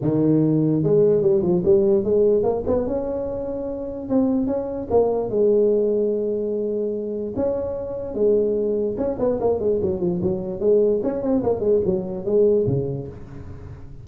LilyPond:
\new Staff \with { instrumentName = "tuba" } { \time 4/4 \tempo 4 = 147 dis2 gis4 g8 f8 | g4 gis4 ais8 b8 cis'4~ | cis'2 c'4 cis'4 | ais4 gis2.~ |
gis2 cis'2 | gis2 cis'8 b8 ais8 gis8 | fis8 f8 fis4 gis4 cis'8 c'8 | ais8 gis8 fis4 gis4 cis4 | }